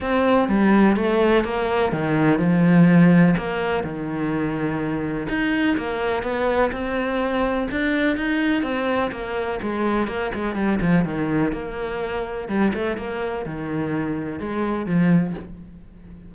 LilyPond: \new Staff \with { instrumentName = "cello" } { \time 4/4 \tempo 4 = 125 c'4 g4 a4 ais4 | dis4 f2 ais4 | dis2. dis'4 | ais4 b4 c'2 |
d'4 dis'4 c'4 ais4 | gis4 ais8 gis8 g8 f8 dis4 | ais2 g8 a8 ais4 | dis2 gis4 f4 | }